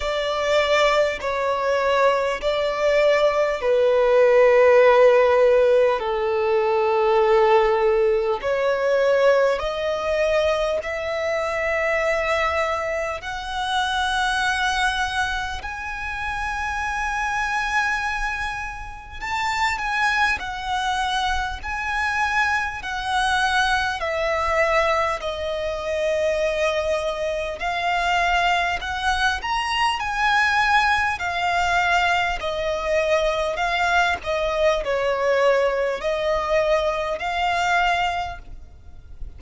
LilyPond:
\new Staff \with { instrumentName = "violin" } { \time 4/4 \tempo 4 = 50 d''4 cis''4 d''4 b'4~ | b'4 a'2 cis''4 | dis''4 e''2 fis''4~ | fis''4 gis''2. |
a''8 gis''8 fis''4 gis''4 fis''4 | e''4 dis''2 f''4 | fis''8 ais''8 gis''4 f''4 dis''4 | f''8 dis''8 cis''4 dis''4 f''4 | }